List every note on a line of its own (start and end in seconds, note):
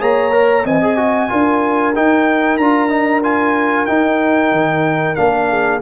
0.00 0.64 A#3
0.00 0.31 G#4
0.00 0.65 C#5
0.00 0.65 A#5
0.31 0.63 A#4
0.64 0.81 E3
0.64 1.29 C4
0.64 1.29 D#5
0.64 1.95 G#5
0.81 0.96 G#4
0.96 1.28 F#4
1.29 1.96 D4
1.29 1.93 F4
1.29 5.49 A#4
1.95 2.60 D#4
1.95 2.58 D#4
1.95 2.57 G5
2.57 3.87 D4
2.57 2.89 F4
2.57 3.21 A#5
2.89 3.21 D#4
3.23 3.87 F4
3.23 3.86 G#5
3.86 5.16 D#4
3.86 4.51 D#4
3.86 5.15 G5
4.51 5.16 D#3
5.15 5.81 A#3
5.15 5.80 D4
5.15 5.79 F5
5.49 5.81 G#4